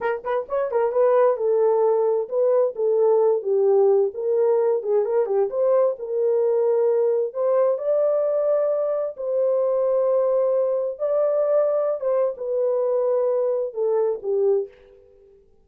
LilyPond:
\new Staff \with { instrumentName = "horn" } { \time 4/4 \tempo 4 = 131 ais'8 b'8 cis''8 ais'8 b'4 a'4~ | a'4 b'4 a'4. g'8~ | g'4 ais'4. gis'8 ais'8 g'8 | c''4 ais'2. |
c''4 d''2. | c''1 | d''2~ d''16 c''8. b'4~ | b'2 a'4 g'4 | }